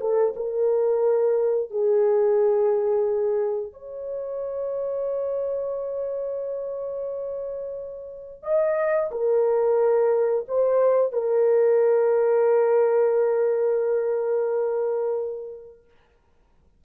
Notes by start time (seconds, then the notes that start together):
0.00 A4
0.36 A#4
1.70 G#4
3.72 C#5
8.42 D#5
9.11 A#4
10.48 C5
11.12 A#4